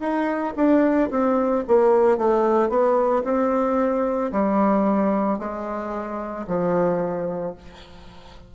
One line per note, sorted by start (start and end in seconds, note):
0.00 0.54 D#4
0.57 1.11 D4
1.11 1.65 C4
1.68 2.18 A#3
2.18 2.69 A3
2.69 3.23 B3
3.25 4.32 C4
4.32 5.39 G3
5.39 6.46 G#3
6.48 7.55 F3